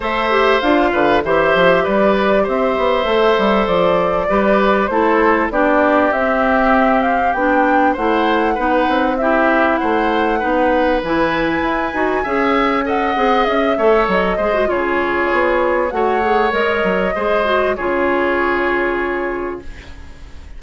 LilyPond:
<<
  \new Staff \with { instrumentName = "flute" } { \time 4/4 \tempo 4 = 98 e''4 f''4 e''4 d''4 | e''2 d''2 | c''4 d''4 e''4. f''8 | g''4 fis''2 e''4 |
fis''2 gis''2~ | gis''4 fis''4 e''4 dis''4 | cis''2 fis''4 dis''4~ | dis''4 cis''2. | }
  \new Staff \with { instrumentName = "oboe" } { \time 4/4 c''4. b'8 c''4 b'4 | c''2. b'4 | a'4 g'2.~ | g'4 c''4 b'4 g'4 |
c''4 b'2. | e''4 dis''4. cis''4 c''8 | gis'2 cis''2 | c''4 gis'2. | }
  \new Staff \with { instrumentName = "clarinet" } { \time 4/4 a'8 g'8 f'4 g'2~ | g'4 a'2 g'4 | e'4 d'4 c'2 | d'4 e'4 dis'4 e'4~ |
e'4 dis'4 e'4. fis'8 | gis'4 a'8 gis'4 a'4 gis'16 fis'16 | f'2 fis'8 gis'8 ais'4 | gis'8 fis'8 f'2. | }
  \new Staff \with { instrumentName = "bassoon" } { \time 4/4 a4 d'8 d8 e8 f8 g4 | c'8 b8 a8 g8 f4 g4 | a4 b4 c'2 | b4 a4 b8 c'4. |
a4 b4 e4 e'8 dis'8 | cis'4. c'8 cis'8 a8 fis8 gis8 | cis4 b4 a4 gis8 fis8 | gis4 cis2. | }
>>